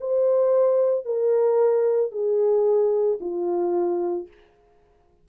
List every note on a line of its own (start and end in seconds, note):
0.00 1.05 C5
1.05 2.11 A#4
2.11 3.19 G#4
3.20 4.27 F4